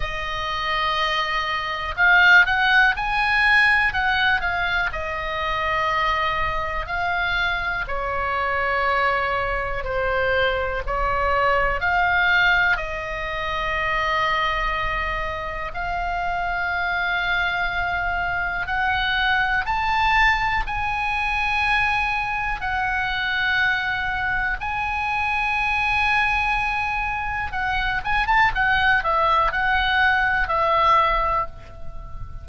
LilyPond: \new Staff \with { instrumentName = "oboe" } { \time 4/4 \tempo 4 = 61 dis''2 f''8 fis''8 gis''4 | fis''8 f''8 dis''2 f''4 | cis''2 c''4 cis''4 | f''4 dis''2. |
f''2. fis''4 | a''4 gis''2 fis''4~ | fis''4 gis''2. | fis''8 gis''16 a''16 fis''8 e''8 fis''4 e''4 | }